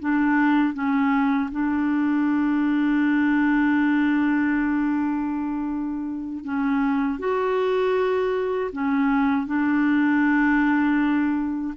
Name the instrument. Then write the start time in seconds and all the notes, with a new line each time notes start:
clarinet
0.00 D4
0.74 C#4
1.52 D4
6.45 C#4
7.19 F#4
8.73 C#4
9.47 D4